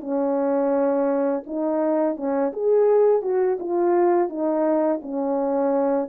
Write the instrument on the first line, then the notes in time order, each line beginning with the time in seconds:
horn
0.00 C#4
1.46 D#4
2.16 C#4
2.53 G#4
3.22 F#4
3.59 F4
4.29 D#4
5.02 C#4